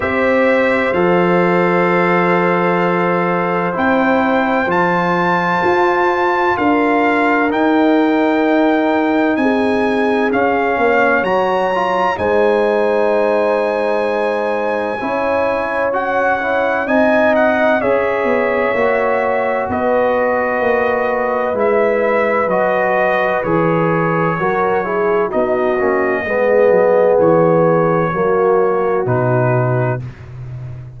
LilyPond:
<<
  \new Staff \with { instrumentName = "trumpet" } { \time 4/4 \tempo 4 = 64 e''4 f''2. | g''4 a''2 f''4 | g''2 gis''4 f''4 | ais''4 gis''2.~ |
gis''4 fis''4 gis''8 fis''8 e''4~ | e''4 dis''2 e''4 | dis''4 cis''2 dis''4~ | dis''4 cis''2 b'4 | }
  \new Staff \with { instrumentName = "horn" } { \time 4/4 c''1~ | c''2. ais'4~ | ais'2 gis'4. cis''8~ | cis''4 c''2. |
cis''2 dis''4 cis''4~ | cis''4 b'2.~ | b'2 ais'8 gis'8 fis'4 | gis'2 fis'2 | }
  \new Staff \with { instrumentName = "trombone" } { \time 4/4 g'4 a'2. | e'4 f'2. | dis'2. cis'4 | fis'8 f'8 dis'2. |
e'4 fis'8 e'8 dis'4 gis'4 | fis'2. e'4 | fis'4 gis'4 fis'8 e'8 dis'8 cis'8 | b2 ais4 dis'4 | }
  \new Staff \with { instrumentName = "tuba" } { \time 4/4 c'4 f2. | c'4 f4 f'4 d'4 | dis'2 c'4 cis'8 ais8 | fis4 gis2. |
cis'2 c'4 cis'8 b8 | ais4 b4 ais4 gis4 | fis4 e4 fis4 b8 ais8 | gis8 fis8 e4 fis4 b,4 | }
>>